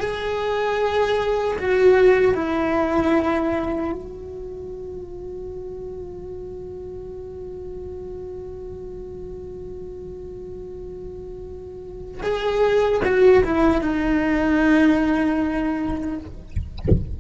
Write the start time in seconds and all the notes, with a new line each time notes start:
0.00 G#4
1.59 F#4
2.35 E4
3.93 F#4
12.23 G#4
13.04 F#4
13.44 E4
13.81 D#4